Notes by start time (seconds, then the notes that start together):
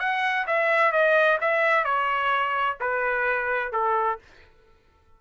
0.00 F#5
0.47 E5
0.92 D#5
1.41 E5
1.85 C#5
2.81 B4
3.73 A4